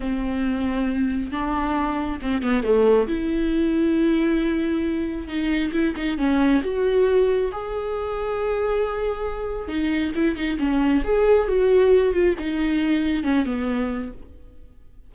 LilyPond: \new Staff \with { instrumentName = "viola" } { \time 4/4 \tempo 4 = 136 c'2. d'4~ | d'4 c'8 b8 a4 e'4~ | e'1 | dis'4 e'8 dis'8 cis'4 fis'4~ |
fis'4 gis'2.~ | gis'2 dis'4 e'8 dis'8 | cis'4 gis'4 fis'4. f'8 | dis'2 cis'8 b4. | }